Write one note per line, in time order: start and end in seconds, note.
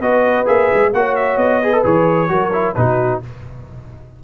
0.00 0.45 B3
0.00 0.46 F#4
0.00 0.91 B4
0.00 0.47 D#5
0.46 0.71 A#3
0.46 0.91 G#4
0.46 0.93 E5
0.74 0.93 G#3
0.93 1.37 A#3
0.93 1.63 F#4
0.93 1.64 C#5
0.93 1.16 F#5
1.16 1.38 E5
1.37 1.82 B3
1.37 1.83 D#5
1.63 1.73 G#4
1.63 2.31 B4
1.73 1.84 A4
1.84 2.30 E3
1.84 2.29 G#4
1.84 2.75 C#5
2.29 2.75 F#3
2.29 2.51 F#4
2.29 2.77 A#4
2.53 2.76 E4
2.75 3.22 B2
2.75 3.23 D#4
2.75 3.24 F#4
2.75 3.20 B4